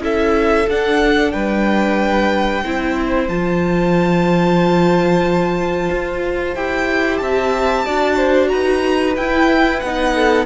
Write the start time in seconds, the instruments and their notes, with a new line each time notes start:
0.00 cello C#4, viola E4, violin A4 E5
0.69 cello D4, viola D4, violin F#5
1.32 cello G3, violin B4 G5
2.65 cello C4, viola E4, violin C5
3.29 cello F3, viola F4, violin A5
5.91 cello F4
6.55 cello E4, viola G4, violin G5
7.18 cello C4, violin E5 A5
7.86 cello D4, viola F#4, violin D5
8.17 violin C5
8.48 cello D#4, violin B4 A#5
9.16 cello E4, viola E4, violin G5
9.80 cello B3, violin F#5
9.86 viola D#4
10.15 violin A4